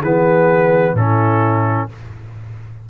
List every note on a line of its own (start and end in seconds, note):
0.00 0.94 E3
0.00 0.97 B3
0.00 0.92 G#4
0.00 0.96 B4
0.94 1.86 A2
0.94 1.89 C#4
0.94 1.87 E4
0.94 1.89 A4